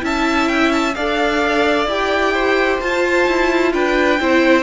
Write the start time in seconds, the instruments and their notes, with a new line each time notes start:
0.00 cello C#4, viola E4, violin E5 A5
0.48 violin G5
0.72 violin A5
0.94 cello D4, viola A4, violin D5 F5
1.86 cello E4, viola G4, violin G5
2.33 violin C5
2.80 viola F4, cello F4, violin A5
3.27 cello E4
3.73 cello D4, violin B4 G5
4.19 cello C4, viola E4, violin C5